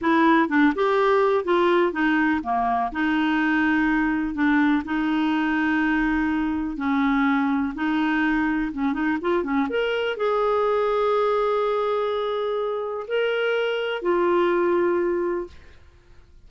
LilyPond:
\new Staff \with { instrumentName = "clarinet" } { \time 4/4 \tempo 4 = 124 e'4 d'8 g'4. f'4 | dis'4 ais4 dis'2~ | dis'4 d'4 dis'2~ | dis'2 cis'2 |
dis'2 cis'8 dis'8 f'8 cis'8 | ais'4 gis'2.~ | gis'2. ais'4~ | ais'4 f'2. | }